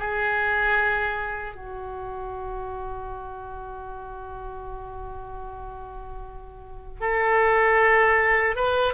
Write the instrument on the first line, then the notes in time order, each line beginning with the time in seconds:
oboe
0.00 G#4
1.55 F#4
7.01 A4
8.56 B4